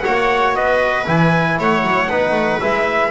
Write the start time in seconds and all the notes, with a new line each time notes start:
0.00 F#4 C#5 F#5
0.07 A#3
0.55 B3 B4 D#5
1.05 E3 E4 G#5
1.59 A3 C#5 F#5
1.83 F#3
2.09 B3 D#4 B4
2.31 A3
2.60 G#3 E4 E5